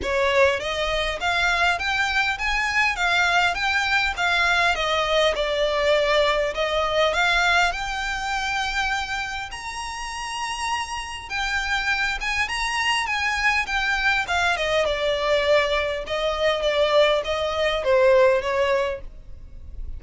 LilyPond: \new Staff \with { instrumentName = "violin" } { \time 4/4 \tempo 4 = 101 cis''4 dis''4 f''4 g''4 | gis''4 f''4 g''4 f''4 | dis''4 d''2 dis''4 | f''4 g''2. |
ais''2. g''4~ | g''8 gis''8 ais''4 gis''4 g''4 | f''8 dis''8 d''2 dis''4 | d''4 dis''4 c''4 cis''4 | }